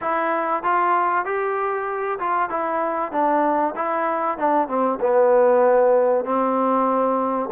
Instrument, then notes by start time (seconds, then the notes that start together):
trombone
0.01 E4
0.63 F4
1.25 G4
2.19 F4
2.49 E4
3.12 D4
3.75 E4
4.38 D4
4.67 C4
5.00 B3
6.24 C4